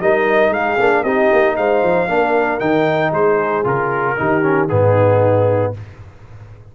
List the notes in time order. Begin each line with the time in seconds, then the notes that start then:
0.00 G3 D#4 A#4 D#5
0.50 G#3 G#4 F5
0.79 A#3 D4
1.02 C4 D#4 G4 D#5
1.32 A#3
1.56 G#3 C5 F5
1.83 F3
2.08 A#3 D4 A#4
2.59 D#3 D#4 G5
3.10 G#3 G#4 C5
3.64 C#3 F4 A#4
4.17 D#3 D#4 G4
4.42 C#4
4.68 G#2 B3 D#4 G#4